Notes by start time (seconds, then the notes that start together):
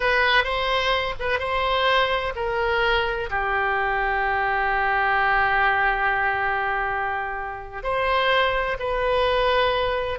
0.00 B4
0.44 C5
1.19 B4
1.39 C5
2.35 A#4
3.29 G4
7.83 C5
8.79 B4